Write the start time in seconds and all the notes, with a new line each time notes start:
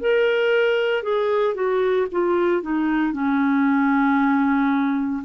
0.00 A#4
1.03 G#4
1.54 F#4
2.11 F4
2.62 D#4
3.12 C#4